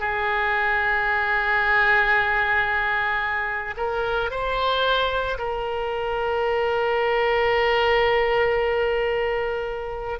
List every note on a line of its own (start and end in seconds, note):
0.00 3.75 G#4
3.77 4.31 A#4
4.31 5.38 C5
5.39 10.20 A#4